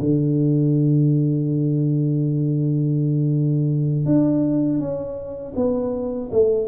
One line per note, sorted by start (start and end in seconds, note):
0.00 4.05 D3
4.05 4.79 D4
4.79 5.53 C#4
5.56 6.30 B3
6.31 6.67 A3